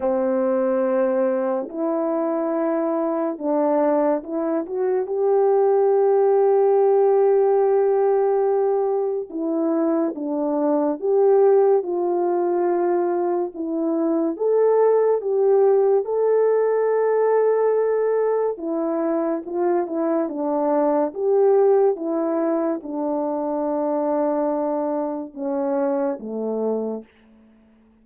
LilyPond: \new Staff \with { instrumentName = "horn" } { \time 4/4 \tempo 4 = 71 c'2 e'2 | d'4 e'8 fis'8 g'2~ | g'2. e'4 | d'4 g'4 f'2 |
e'4 a'4 g'4 a'4~ | a'2 e'4 f'8 e'8 | d'4 g'4 e'4 d'4~ | d'2 cis'4 a4 | }